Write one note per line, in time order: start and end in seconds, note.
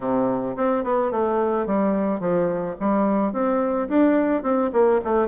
0.00 0.55 C3
0.56 0.84 C4
0.84 1.11 B3
1.11 1.66 A3
1.66 2.20 G3
2.20 2.75 F3
2.80 3.33 G3
3.33 3.88 C4
3.88 4.42 D4
4.42 4.70 C4
4.72 5.00 A#3
5.04 5.28 A3